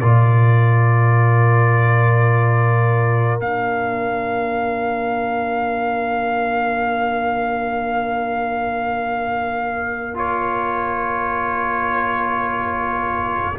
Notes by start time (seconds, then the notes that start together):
0.00 A#2 F4 A#4 D5
3.40 A#3 D4 F5
10.14 F4 C#5